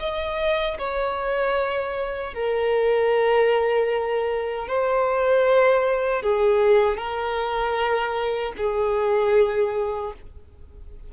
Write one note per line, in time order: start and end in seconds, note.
0.00 0.78 D#5
0.79 2.34 C#5
2.34 4.68 A#4
4.68 6.23 C5
6.23 6.97 G#4
6.97 8.53 A#4
8.57 10.13 G#4